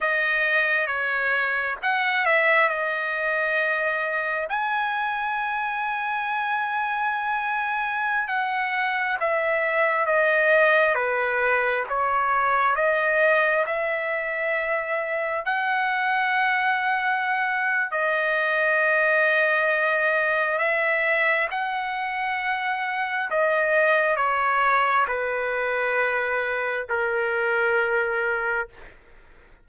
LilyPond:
\new Staff \with { instrumentName = "trumpet" } { \time 4/4 \tempo 4 = 67 dis''4 cis''4 fis''8 e''8 dis''4~ | dis''4 gis''2.~ | gis''4~ gis''16 fis''4 e''4 dis''8.~ | dis''16 b'4 cis''4 dis''4 e''8.~ |
e''4~ e''16 fis''2~ fis''8. | dis''2. e''4 | fis''2 dis''4 cis''4 | b'2 ais'2 | }